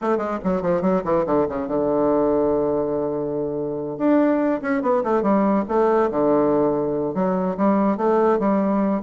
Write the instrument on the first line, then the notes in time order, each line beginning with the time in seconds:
bassoon
0.01 A3
0.17 G#3
0.44 F#3
0.62 F3
0.81 F#3
1.04 E3
1.26 D3
1.49 C#3
1.67 D3
3.97 D4
4.61 C#4
4.82 B3
5.03 A3
5.22 G3
5.68 A3
6.10 D3
7.14 F#3
7.57 G3
7.97 A3
8.39 G3